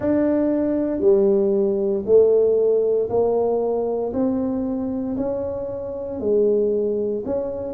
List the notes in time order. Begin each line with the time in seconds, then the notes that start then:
0.00 D4
1.00 G3
2.05 A3
3.09 A#3
4.13 C4
5.16 C#4
6.20 G#3
7.25 C#4